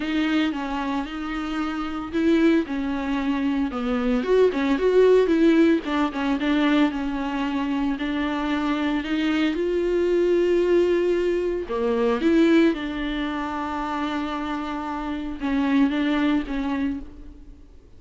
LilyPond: \new Staff \with { instrumentName = "viola" } { \time 4/4 \tempo 4 = 113 dis'4 cis'4 dis'2 | e'4 cis'2 b4 | fis'8 cis'8 fis'4 e'4 d'8 cis'8 | d'4 cis'2 d'4~ |
d'4 dis'4 f'2~ | f'2 ais4 e'4 | d'1~ | d'4 cis'4 d'4 cis'4 | }